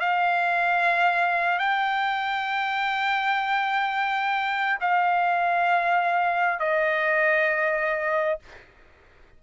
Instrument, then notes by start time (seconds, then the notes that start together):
trumpet
0.00 F5
1.59 G5
4.81 F5
6.59 D#5